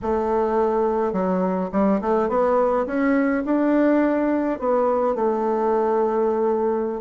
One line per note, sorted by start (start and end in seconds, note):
0.02 1.12 A3
1.12 1.69 F#3
1.72 2.00 G3
2.01 2.29 A3
2.29 2.86 B3
2.86 3.43 C#4
3.45 4.59 D4
4.59 5.15 B3
5.15 7.01 A3